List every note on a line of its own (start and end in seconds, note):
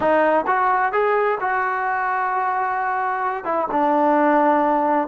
0.00 0.45 D#4
0.46 0.92 F#4
0.92 1.38 G#4
1.40 3.44 F#4
3.44 3.67 E4
3.71 5.07 D4